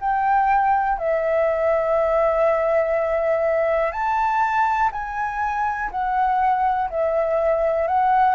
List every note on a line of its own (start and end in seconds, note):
0.00 0.98 G5
0.98 3.92 E5
3.92 4.90 A5
4.92 5.90 G#5
5.91 6.89 F#5
6.90 7.88 E5
7.88 8.35 F#5